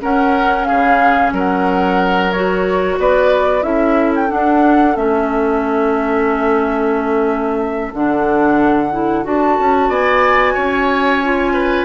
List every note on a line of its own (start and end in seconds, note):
0.00 2.31 C#4
0.00 0.69 C#4
0.00 0.68 A#4
0.00 0.64 F#5
0.64 1.34 G#4
0.64 1.30 F5
0.71 1.32 C#3
1.32 2.97 F#3
1.32 2.99 A#4
1.32 2.32 F#5
2.32 3.62 F#4
2.32 2.98 C#5
2.98 3.63 B3
2.98 3.65 B4
2.98 3.63 D5
3.62 4.29 C#4
3.62 4.28 E4
3.62 9.89 A4
3.62 4.12 E5
4.15 4.31 G5
4.28 4.94 D4
4.28 4.96 D4
4.28 4.96 F#5
4.96 7.93 A3
4.96 7.92 C#4
4.96 7.93 E5
7.94 9.25 D3
7.94 8.92 D4
7.94 9.26 F#5
8.92 9.24 E4
9.24 9.58 D4
9.24 11.21 F#4
9.24 9.92 A5
9.59 9.89 C#4
9.89 10.55 B3
9.89 10.54 D5
9.89 11.85 G#5
10.54 11.85 C#4
10.54 11.53 C#5
11.23 11.85 F4
11.53 11.85 B4